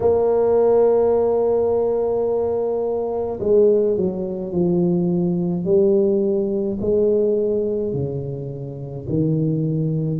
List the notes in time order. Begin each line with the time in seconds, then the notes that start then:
0.00 A#3
3.40 G#3
3.96 F#3
4.52 F3
5.64 G3
6.80 G#3
7.93 C#3
9.09 D#3